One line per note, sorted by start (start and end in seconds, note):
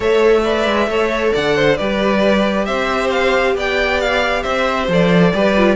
0.00 0.66 A3
0.00 0.43 A4
0.00 0.42 C#5
0.00 1.34 E5
0.44 0.88 B4
0.44 0.88 D5
0.66 0.87 G#3
0.87 1.31 A3
0.87 1.78 A4
0.87 1.33 C#5
1.33 1.79 D3
1.33 1.55 D5
1.33 1.77 F#5
1.55 1.77 C5
1.77 2.67 G3
1.77 4.90 G4
1.77 2.66 B4
1.77 2.65 D5
2.65 3.55 C4
2.65 3.55 C5
2.65 3.09 E5
3.10 3.55 F5
3.55 4.44 B3
3.55 4.42 D5
3.55 4.00 G5
4.00 4.43 F5
4.42 4.88 C4
4.42 5.31 C5
4.42 4.87 E5
4.88 5.32 F3
4.88 5.34 A4
4.88 5.76 D5
5.34 5.76 G3
5.34 5.56 G4
5.34 5.76 B4
5.56 5.76 F4